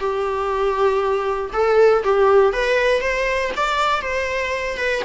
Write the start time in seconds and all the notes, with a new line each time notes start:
0.00 G4
1.53 A4
2.04 G4
2.53 B4
3.01 C5
3.57 D5
4.02 C5
4.78 B4